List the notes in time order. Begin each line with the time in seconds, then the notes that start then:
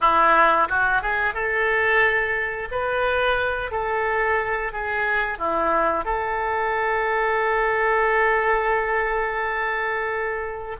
0.00 E4
0.69 F#4
1.01 G#4
1.34 A4
2.71 B4
3.71 A4
4.72 G#4
5.38 E4
6.04 A4